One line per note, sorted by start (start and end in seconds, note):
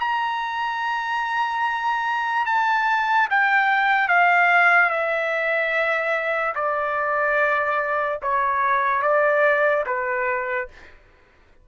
0.00 2.46 A#5
2.46 3.28 A5
3.31 4.08 G5
4.08 4.90 F5
4.90 6.55 E5
6.55 8.19 D5
8.23 9.03 C#5
9.03 9.85 D5
9.86 10.68 B4